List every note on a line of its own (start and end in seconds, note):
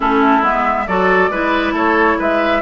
0.00 0.43 A3
0.00 0.42 C#4
0.00 0.86 E4
0.00 0.44 A4
0.42 0.86 G#3
0.42 0.86 B3
0.42 0.87 E5
0.87 1.29 F#3
0.87 1.31 F#4
0.87 1.30 A4
0.87 1.74 D5
1.29 1.72 G#3
1.29 2.61 E4
1.29 1.73 B4
1.72 2.16 A3
1.72 2.17 A4
1.72 2.20 C#5
2.18 2.61 G#3
2.18 2.61 B4
2.18 2.61 E5